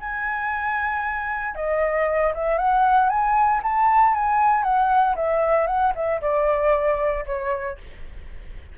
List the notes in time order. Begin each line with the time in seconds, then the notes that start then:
0.00 G#5
1.55 D#5
2.34 E5
2.58 F#5
3.09 G#5
3.63 A5
4.14 G#5
4.63 F#5
5.16 E5
5.67 F#5
5.95 E5
6.21 D5
7.26 C#5